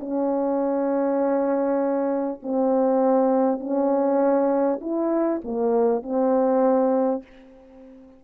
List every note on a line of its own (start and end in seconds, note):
0.00 2.40 C#4
2.43 3.60 C4
3.60 4.80 C#4
4.82 5.42 E4
5.44 6.03 A#3
6.03 7.23 C4